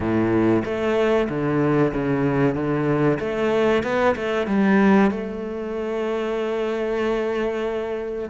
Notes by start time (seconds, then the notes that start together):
0.00 A2
0.64 A3
1.29 D3
1.93 C#3
2.54 D3
3.19 A3
3.83 B3
4.15 A3
4.47 G3
5.10 A3